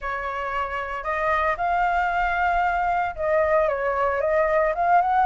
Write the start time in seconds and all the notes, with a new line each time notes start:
0.01 C#5
1.03 D#5
1.57 F5
3.15 D#5
3.68 C#5
4.20 D#5
4.74 F5
5.01 F#5